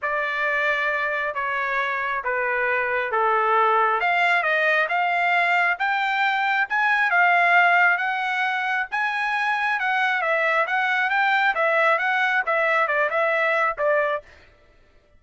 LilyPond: \new Staff \with { instrumentName = "trumpet" } { \time 4/4 \tempo 4 = 135 d''2. cis''4~ | cis''4 b'2 a'4~ | a'4 f''4 dis''4 f''4~ | f''4 g''2 gis''4 |
f''2 fis''2 | gis''2 fis''4 e''4 | fis''4 g''4 e''4 fis''4 | e''4 d''8 e''4. d''4 | }